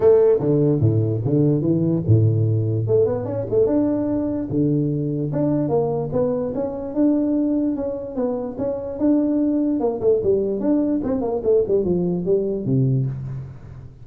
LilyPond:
\new Staff \with { instrumentName = "tuba" } { \time 4/4 \tempo 4 = 147 a4 d4 a,4 d4 | e4 a,2 a8 b8 | cis'8 a8 d'2 d4~ | d4 d'4 ais4 b4 |
cis'4 d'2 cis'4 | b4 cis'4 d'2 | ais8 a8 g4 d'4 c'8 ais8 | a8 g8 f4 g4 c4 | }